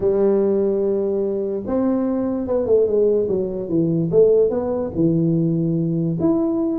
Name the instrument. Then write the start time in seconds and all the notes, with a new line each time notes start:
tuba
0.00 G3
1.66 C4
2.47 B3
2.66 A3
2.86 G#3
3.28 F#3
3.69 E3
4.11 A3
4.50 B3
4.94 E3
6.20 E4